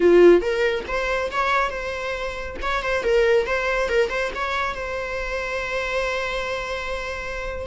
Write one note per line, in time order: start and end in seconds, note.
0.00 0.41 F4
0.41 0.84 A#4
0.87 1.30 C5
1.31 1.70 C#5
1.70 2.56 C5
2.62 2.82 C#5
2.82 3.03 C5
3.03 3.46 A#4
3.46 3.88 C5
3.88 4.09 A#4
4.09 4.31 C5
4.34 4.75 C#5
4.75 7.66 C5